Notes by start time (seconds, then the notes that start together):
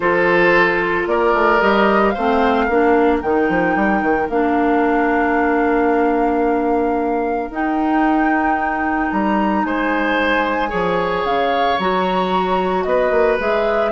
0.00 F3 F4 A4 C5
1.06 A#3 A#4 D5
1.33 A3
1.60 G3 G4 D#5
2.09 C5 F5
2.17 A3 C4
2.65 A#3 D4 A#4
3.21 D#3 D#4 G5
3.49 F3
3.76 G3
4.01 D#3
4.29 A#3 D4 F5
7.49 D#4 G5
9.11 G3 A#5
9.64 G#3 C5 G#5
10.68 F3 G#4 C#5
11.24 C#3 F5
11.78 F#3 F#4 A#5
12.83 B3 B4 D#5
13.10 A#3
13.39 G#3 G#4 E5